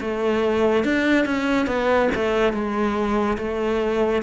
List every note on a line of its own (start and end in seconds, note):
0.00 0.84 A3
0.84 1.25 D4
1.25 1.66 C#4
1.66 2.09 B3
2.15 2.53 A3
2.53 3.37 G#3
3.38 4.22 A3